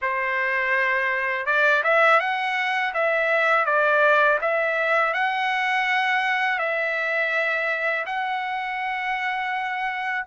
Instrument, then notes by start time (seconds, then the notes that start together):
trumpet
0.01 C5
1.46 D5
1.83 E5
2.20 F#5
2.94 E5
3.65 D5
4.41 E5
5.13 F#5
6.59 E5
8.06 F#5